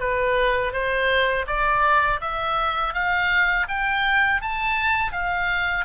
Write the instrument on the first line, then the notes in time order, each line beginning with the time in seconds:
oboe
0.00 B4
0.73 C5
1.47 D5
2.21 E5
2.94 F5
3.69 G5
4.42 A5
5.13 F5